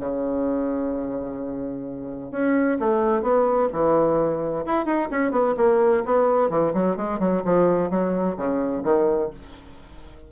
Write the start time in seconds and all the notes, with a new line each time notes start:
0.00 C#3
2.32 C#4
2.80 A3
3.22 B3
3.73 E3
4.66 E4
4.86 D#4
5.11 C#4
5.31 B3
5.57 A#3
6.06 B3
6.50 E3
6.74 F#3
6.97 G#3
7.20 F#3
7.45 F3
7.90 F#3
8.37 C#3
8.84 D#3